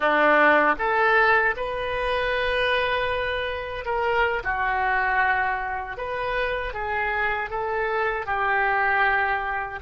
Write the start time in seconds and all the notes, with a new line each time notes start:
0.00 D4
0.78 A4
1.56 B4
3.85 A#4
4.43 F#4
5.97 B4
6.73 G#4
7.50 A4
8.26 G4